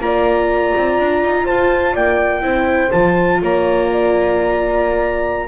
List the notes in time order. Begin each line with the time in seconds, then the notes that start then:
0.00 A#3 F4 D5 A#5
0.77 C4
1.00 D4
1.24 D#4
1.45 F4 C5 A5
1.93 A#3 D5 G5
2.42 C4 E4 C5
2.91 F3 F4 A5
3.42 A#3 C#5 A#5
3.92 D5